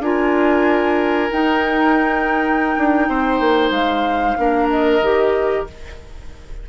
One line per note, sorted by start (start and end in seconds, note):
0.00 1.29 D4
0.00 1.31 F4
0.00 3.09 A#4
0.00 1.31 G#5
1.31 4.37 D#4
1.31 2.76 D#4
1.31 3.71 G5
2.77 3.08 D4
3.08 3.40 C4
3.08 4.38 C5
3.40 3.70 A#3
3.70 4.35 G#3
3.70 4.68 F5
4.37 5.01 A#3
4.37 5.01 D4
4.37 5.69 A#4
4.70 5.67 D#5
5.01 5.66 D#3
5.01 5.67 G4